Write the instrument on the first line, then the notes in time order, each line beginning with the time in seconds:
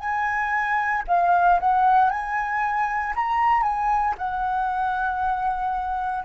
flute
0.00 G#5
1.08 F5
1.60 F#5
2.10 G#5
3.16 A#5
3.63 G#5
4.18 F#5